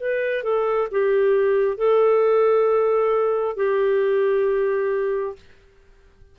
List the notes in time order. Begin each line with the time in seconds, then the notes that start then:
0.00 B4
0.44 A4
0.92 G4
1.77 A4
3.57 G4